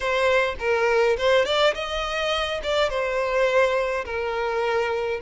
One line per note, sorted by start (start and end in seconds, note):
0.00 0.55 C5
0.59 1.16 A#4
1.17 1.45 C5
1.45 1.74 D5
1.74 2.60 D#5
2.63 2.89 D5
2.89 4.05 C5
4.05 5.20 A#4